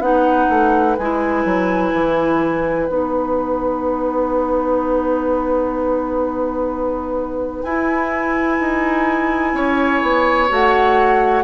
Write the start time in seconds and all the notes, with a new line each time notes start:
0.00 B3 D#4 B4 F#5
0.50 A3
0.97 G#3 E4 G#5
1.45 F#3
1.94 E3
2.88 B3 D#4 F#5
7.63 E4 G#5
8.60 D#4
9.54 C#4 C#5
10.03 B3
10.49 A3 F#4 F#5